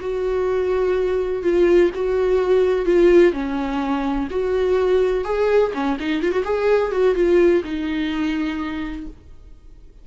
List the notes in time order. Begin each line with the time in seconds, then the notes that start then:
0.00 F#4
1.43 F4
1.95 F#4
2.85 F4
3.33 C#4
4.30 F#4
5.24 G#4
5.74 C#4
5.99 D#4
6.22 F4
6.31 F#4
6.44 G#4
6.92 F#4
7.15 F4
7.64 D#4